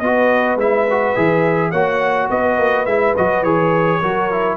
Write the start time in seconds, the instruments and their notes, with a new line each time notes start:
0.00 tuba B3, trombone F#4, horn B4, trumpet D#5
0.57 tuba G#3, trombone E4, trumpet E5
0.91 trombone F#4
1.16 tuba E3, trombone G#4
1.71 tuba A#3, trombone F#4, horn C#5, trumpet F#5
2.30 tuba B3, horn B4, trumpet D#5
2.59 tuba A#3
2.86 tuba G#3, trombone E4, trumpet E5
3.17 tuba F#3, trombone F#4, trumpet D#5
3.43 tuba E3, trombone G#4, trumpet C#5
4.01 tuba F#3, trombone F#4, horn A#4
4.32 trombone E4